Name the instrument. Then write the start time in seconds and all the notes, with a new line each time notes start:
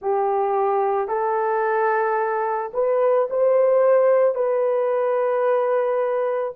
horn
0.01 G4
1.08 A4
2.73 B4
3.30 C5
4.34 B4